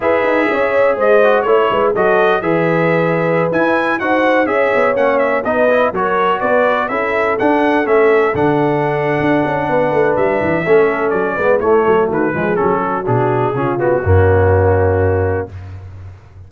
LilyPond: <<
  \new Staff \with { instrumentName = "trumpet" } { \time 4/4 \tempo 4 = 124 e''2 dis''4 cis''4 | dis''4 e''2~ e''16 gis''8.~ | gis''16 fis''4 e''4 fis''8 e''8 dis''8.~ | dis''16 cis''4 d''4 e''4 fis''8.~ |
fis''16 e''4 fis''2~ fis''8.~ | fis''4 e''2 d''4 | cis''4 b'4 a'4 gis'4~ | gis'8 fis'2.~ fis'8 | }
  \new Staff \with { instrumentName = "horn" } { \time 4/4 b'4 cis''4 c''4 cis''8 b'8 | a'4 b'2.~ | b'16 c''4 cis''2 b'8.~ | b'16 ais'4 b'4 a'4.~ a'16~ |
a'1 | b'2 a'4. b'8 | e'8 a'8 fis'8 gis'4 fis'4. | f'4 cis'2. | }
  \new Staff \with { instrumentName = "trombone" } { \time 4/4 gis'2~ gis'8 fis'8 e'4 | fis'4 gis'2~ gis'16 e'8.~ | e'16 fis'4 gis'4 cis'4 dis'8 e'16~ | e'16 fis'2 e'4 d'8.~ |
d'16 cis'4 d'2~ d'8.~ | d'2 cis'4. b8 | a4. gis8 cis'4 d'4 | cis'8 b8 ais2. | }
  \new Staff \with { instrumentName = "tuba" } { \time 4/4 e'8 dis'8 cis'4 gis4 a8 gis8 | fis4 e2~ e16 e'8.~ | e'16 dis'4 cis'8 b8 ais4 b8.~ | b16 fis4 b4 cis'4 d'8.~ |
d'16 a4 d4.~ d16 d'8 cis'8 | b8 a8 g8 e8 a4 fis8 gis8 | a8 fis8 dis8 f8 fis4 b,4 | cis4 fis,2. | }
>>